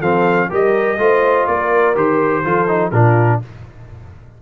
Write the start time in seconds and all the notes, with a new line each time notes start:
0.00 F3 C4 A4 F5
0.50 G3 G4 A#4 D#5
0.98 A3 F4 C5
1.47 A#3 A#4 D5
1.96 D#3 G4 C5
2.44 F3 F4 A4
2.68 D#4
2.91 A#2 D4 F4 A#4